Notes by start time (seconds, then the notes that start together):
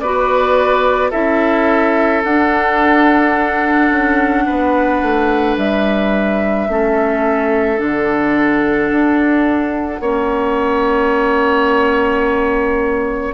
0.00 B3 F#4 B4 D5
1.10 C#4 E4 A4 E5
2.24 D4 F#5
3.91 C#4
4.46 B3 B4
5.02 A3
5.57 G3 E5
6.68 A3 C#4 A4
7.78 D3 D4 F#5
8.91 D4
10.00 A#3 C#4 C#5